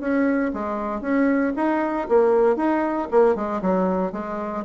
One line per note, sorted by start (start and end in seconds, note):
0.00 0.52 C#4
0.53 1.01 G#3
1.01 1.53 C#4
1.56 2.08 D#4
2.09 2.56 A#3
2.56 3.08 D#4
3.11 3.35 A#3
3.35 3.61 G#3
3.62 4.12 F#3
4.12 4.64 G#3